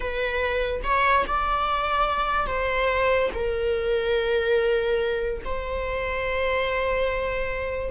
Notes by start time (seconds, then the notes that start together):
0.00 B4
0.83 C#5
1.27 D5
2.47 C5
3.34 A#4
5.45 C5